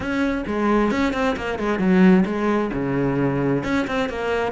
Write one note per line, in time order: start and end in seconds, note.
0.00 0.44 C#4
0.46 0.91 G#3
0.91 1.13 C#4
1.13 1.35 C4
1.36 1.58 A#3
1.58 1.79 G#3
1.79 2.24 F#3
2.25 2.70 G#3
2.73 3.63 C#3
3.63 3.86 C#4
3.87 4.09 C4
4.09 4.52 A#3